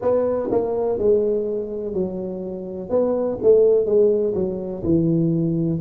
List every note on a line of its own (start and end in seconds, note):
0.01 0.49 B3
0.51 0.98 A#3
0.98 1.93 G#3
1.93 2.89 F#3
2.89 3.38 B3
3.42 3.85 A3
3.85 4.34 G#3
4.34 4.82 F#3
4.83 5.80 E3